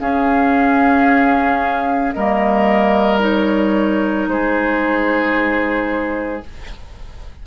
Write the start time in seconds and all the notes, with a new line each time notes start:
0.00 C#4 G#4 F5
2.13 G3 A#3 A#4 D#5
3.19 D#4 C#5
4.27 G#3 G#4 C5